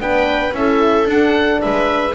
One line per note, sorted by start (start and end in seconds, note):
0.00 0.53 B3
0.00 0.54 D4
0.00 0.57 B4
0.00 0.55 G5
0.53 1.06 C#4
0.53 1.06 E4
0.53 1.62 A4
0.53 1.09 E5
1.06 1.60 D4
1.06 2.14 D4
1.06 1.62 F#5
1.62 2.15 G#3
1.62 2.15 B4
1.62 2.15 E5